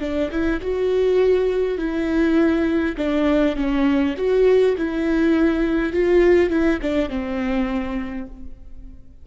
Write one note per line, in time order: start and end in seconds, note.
0.00 0.29 D4
0.31 0.60 E4
0.61 1.78 F#4
1.78 2.95 E4
2.97 3.56 D4
3.56 4.15 C#4
4.17 4.76 F#4
4.77 5.93 E4
5.93 6.49 F4
6.49 6.79 E4
6.82 7.09 D4
7.09 8.26 C4